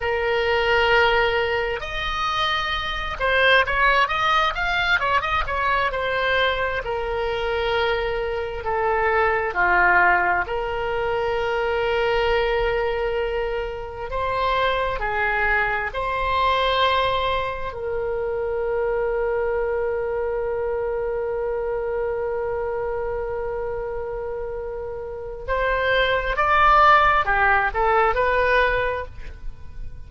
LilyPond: \new Staff \with { instrumentName = "oboe" } { \time 4/4 \tempo 4 = 66 ais'2 dis''4. c''8 | cis''8 dis''8 f''8 cis''16 dis''16 cis''8 c''4 ais'8~ | ais'4. a'4 f'4 ais'8~ | ais'2.~ ais'8 c''8~ |
c''8 gis'4 c''2 ais'8~ | ais'1~ | ais'1 | c''4 d''4 g'8 a'8 b'4 | }